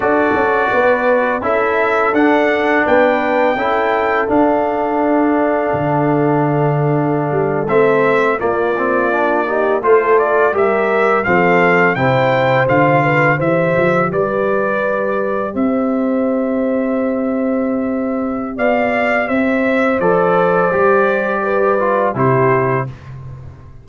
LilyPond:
<<
  \new Staff \with { instrumentName = "trumpet" } { \time 4/4 \tempo 4 = 84 d''2 e''4 fis''4 | g''2 f''2~ | f''2~ f''8. e''4 d''16~ | d''4.~ d''16 c''8 d''8 e''4 f''16~ |
f''8. g''4 f''4 e''4 d''16~ | d''4.~ d''16 e''2~ e''16~ | e''2 f''4 e''4 | d''2. c''4 | }
  \new Staff \with { instrumentName = "horn" } { \time 4/4 a'4 b'4 a'2 | b'4 a'2.~ | a'2.~ a'8. f'16~ | f'4~ f'16 g'8 a'4 ais'4 a'16~ |
a'8. c''4. b'8 c''4 b'16~ | b'4.~ b'16 c''2~ c''16~ | c''2 d''4 c''4~ | c''2 b'4 g'4 | }
  \new Staff \with { instrumentName = "trombone" } { \time 4/4 fis'2 e'4 d'4~ | d'4 e'4 d'2~ | d'2~ d'8. c'4 ais16~ | ais16 c'8 d'8 dis'8 f'4 g'4 c'16~ |
c'8. e'4 f'4 g'4~ g'16~ | g'1~ | g'1 | a'4 g'4. f'8 e'4 | }
  \new Staff \with { instrumentName = "tuba" } { \time 4/4 d'8 cis'8 b4 cis'4 d'4 | b4 cis'4 d'2 | d2~ d16 g8 a4 ais16~ | ais4.~ ais16 a4 g4 f16~ |
f8. c4 d4 e8 f8 g16~ | g4.~ g16 c'2~ c'16~ | c'2 b4 c'4 | f4 g2 c4 | }
>>